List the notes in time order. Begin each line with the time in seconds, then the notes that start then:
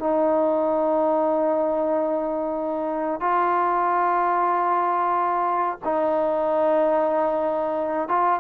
0.00 D#4
3.21 F4
5.85 D#4
8.09 F4